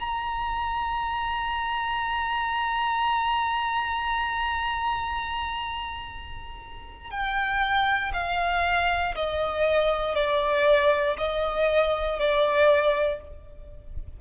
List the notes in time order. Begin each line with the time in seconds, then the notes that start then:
0.00 A#5
7.11 G5
8.14 F5
9.16 D#5
10.16 D5
11.18 D#5
12.19 D5